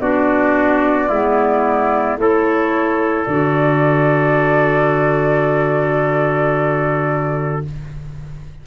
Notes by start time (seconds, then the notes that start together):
0.00 B3 D4 F#4 D5
1.09 G#3 B3 E4
2.17 A3 E4 A4 C#5
3.24 D3 F#4 D5